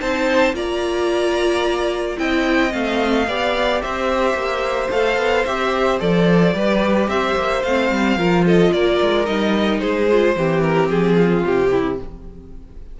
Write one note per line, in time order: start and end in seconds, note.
0.00 0.53 C4
0.00 0.53 D#4
0.00 0.55 C5
0.00 0.55 A5
0.53 2.17 A#3
0.53 2.17 F4
0.53 2.19 D5
0.53 2.18 A#5
2.17 2.73 C4
2.17 2.70 E4
2.17 3.28 D#5
2.17 2.73 G5
2.70 3.27 A3
2.70 3.25 C4
2.70 3.81 F5
3.27 3.82 B3
3.27 4.91 G4
3.27 3.82 D5
3.81 4.34 C4
3.81 6.55 C5
3.81 4.90 E5
4.34 4.89 A#3
4.90 5.17 A3
4.90 5.46 A4
4.90 5.45 F5
5.17 5.44 B3
5.45 6.00 C4
5.45 6.00 G4
5.45 5.99 E5
6.00 6.54 F3
6.00 6.53 A4
6.00 7.09 D5
6.53 7.08 G3
6.53 7.62 G4
6.53 7.09 B4
7.08 7.35 C4
7.08 8.17 C5
7.08 7.63 E5
7.36 7.63 A#3
7.63 7.91 A3
7.63 8.18 C4
7.63 8.45 F5
7.91 8.17 G3
8.17 8.71 F3
8.17 9.25 F4
8.17 8.45 A#4
8.45 8.72 A4
8.45 8.72 D#5
8.72 9.00 A#3
8.72 9.80 A#4
8.72 9.25 D5
9.01 9.27 G#3
9.25 9.82 G3
9.25 10.07 D#4
9.25 9.79 D#5
9.79 10.36 G#3
9.79 10.35 G#4
9.79 10.61 C5
10.11 10.36 F4
10.36 10.89 E3
10.36 12.00 C4
10.36 11.16 G4
10.62 10.89 A#4
10.89 11.44 F3
10.89 11.44 G#4
11.16 11.70 F4
11.45 12.00 C3
11.45 12.00 G4
11.71 11.99 E4